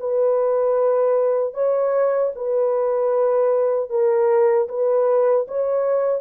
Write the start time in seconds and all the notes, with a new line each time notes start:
0.00 B4
1.54 C#5
2.36 B4
3.90 A#4
4.69 B4
5.48 C#5